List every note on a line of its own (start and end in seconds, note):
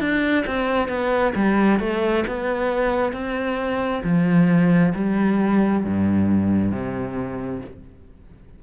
0.00 0.45 D4
0.46 0.88 C4
0.88 1.33 B3
1.35 1.80 G3
1.80 2.25 A3
2.27 3.13 B3
3.13 4.02 C4
4.03 4.93 F3
4.95 5.85 G3
5.85 6.72 G2
6.72 7.61 C3